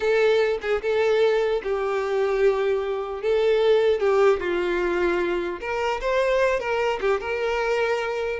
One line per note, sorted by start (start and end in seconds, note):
0.00 0.59 A4
0.61 0.81 G#4
0.82 1.62 A4
1.63 3.22 G4
3.22 3.99 A4
3.99 4.39 G4
4.40 5.60 F4
5.60 6.00 A#4
6.01 6.59 C5
6.59 6.99 A#4
7.01 7.20 G4
7.20 8.39 A#4